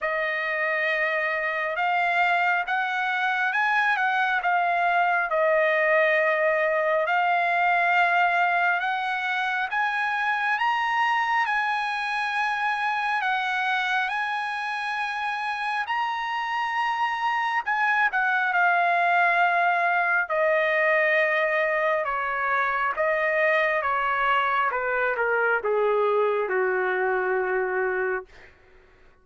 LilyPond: \new Staff \with { instrumentName = "trumpet" } { \time 4/4 \tempo 4 = 68 dis''2 f''4 fis''4 | gis''8 fis''8 f''4 dis''2 | f''2 fis''4 gis''4 | ais''4 gis''2 fis''4 |
gis''2 ais''2 | gis''8 fis''8 f''2 dis''4~ | dis''4 cis''4 dis''4 cis''4 | b'8 ais'8 gis'4 fis'2 | }